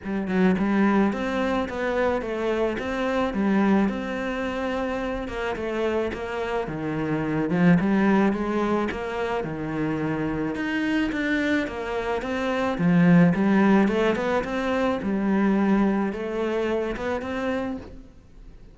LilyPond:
\new Staff \with { instrumentName = "cello" } { \time 4/4 \tempo 4 = 108 g8 fis8 g4 c'4 b4 | a4 c'4 g4 c'4~ | c'4. ais8 a4 ais4 | dis4. f8 g4 gis4 |
ais4 dis2 dis'4 | d'4 ais4 c'4 f4 | g4 a8 b8 c'4 g4~ | g4 a4. b8 c'4 | }